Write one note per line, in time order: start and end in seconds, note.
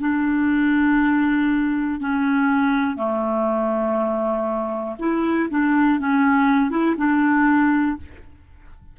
0.00 2.00 D4
2.00 2.96 C#4
2.96 4.96 A3
4.99 5.49 E4
5.50 6.00 D4
6.00 6.70 C#4
6.70 6.95 E4
6.97 7.97 D4